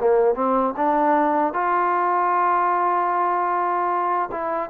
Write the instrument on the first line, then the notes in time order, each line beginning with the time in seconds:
trombone
0.00 A#3
0.35 C4
0.77 D4
1.54 F4
4.32 E4